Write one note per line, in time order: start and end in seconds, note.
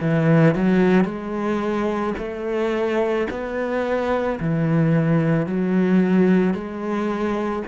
0.00 0.55 E3
0.55 1.04 F#3
1.04 2.13 G#3
2.18 3.27 A3
3.30 4.39 B3
4.40 5.46 E3
5.46 6.54 F#3
6.54 7.63 G#3